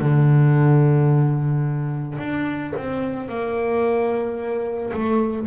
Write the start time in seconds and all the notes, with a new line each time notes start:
0.00 D3
2.18 D4
2.76 C4
3.28 A#3
4.92 A3